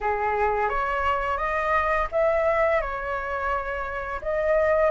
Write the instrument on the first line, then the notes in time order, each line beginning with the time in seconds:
flute
0.00 G#4
0.69 C#5
1.37 D#5
2.11 E5
2.81 C#5
4.21 D#5